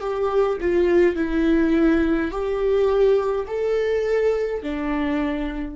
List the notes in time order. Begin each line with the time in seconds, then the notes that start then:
0.00 G4
0.61 F4
1.15 E4
2.31 G4
3.47 A4
4.62 D4